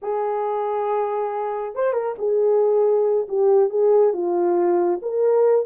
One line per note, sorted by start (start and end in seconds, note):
0.02 1.75 G#4
1.75 1.92 C5
1.92 2.14 A#4
2.18 3.27 G#4
3.28 3.69 G4
3.69 4.13 G#4
4.13 5.00 F4
5.02 5.65 A#4